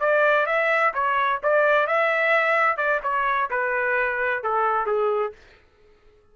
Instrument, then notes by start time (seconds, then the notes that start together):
trumpet
0.00 D5
0.46 E5
0.94 C#5
1.42 D5
1.87 E5
2.77 D5
3.03 C#5
3.50 B4
4.43 A4
4.86 G#4